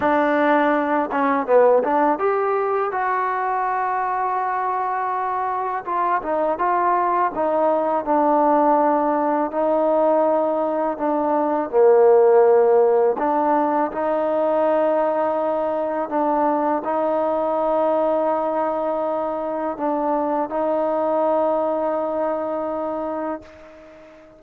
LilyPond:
\new Staff \with { instrumentName = "trombone" } { \time 4/4 \tempo 4 = 82 d'4. cis'8 b8 d'8 g'4 | fis'1 | f'8 dis'8 f'4 dis'4 d'4~ | d'4 dis'2 d'4 |
ais2 d'4 dis'4~ | dis'2 d'4 dis'4~ | dis'2. d'4 | dis'1 | }